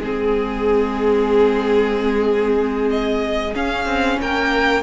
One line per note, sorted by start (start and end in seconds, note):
0.00 3.55 G#3
0.00 3.54 C4
0.00 4.20 G#4
0.00 2.91 G#4
2.91 3.55 D#5
3.54 4.83 C#4
3.54 3.86 C#4
3.54 4.20 F5
3.86 4.18 C4
4.21 4.83 A#3
4.21 4.83 A#4
4.21 4.83 G5